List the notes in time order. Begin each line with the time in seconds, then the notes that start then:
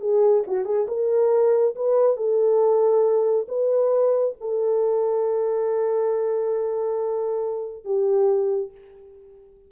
0.00 G#4
0.47 F#4
0.65 G#4
0.88 A#4
1.75 B4
2.16 A4
3.48 B4
4.40 A4
7.84 G4